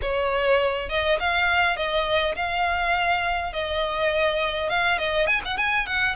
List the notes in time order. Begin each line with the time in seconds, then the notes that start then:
0.01 C#5
0.89 D#5
1.19 F5
1.76 D#5
2.35 F5
3.52 D#5
4.69 F5
4.98 D#5
5.26 G#5
5.44 F#5
5.57 G#5
5.86 F#5